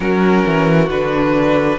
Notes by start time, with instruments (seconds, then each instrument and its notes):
0.00 cello F#3, viola C#4, violin F#4 A#4
0.46 cello E3
0.89 cello D3, viola D4, violin B4